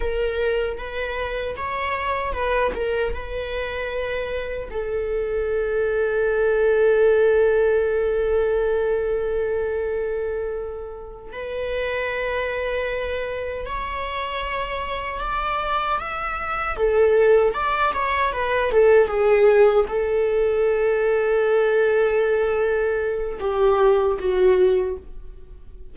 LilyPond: \new Staff \with { instrumentName = "viola" } { \time 4/4 \tempo 4 = 77 ais'4 b'4 cis''4 b'8 ais'8 | b'2 a'2~ | a'1~ | a'2~ a'8 b'4.~ |
b'4. cis''2 d''8~ | d''8 e''4 a'4 d''8 cis''8 b'8 | a'8 gis'4 a'2~ a'8~ | a'2 g'4 fis'4 | }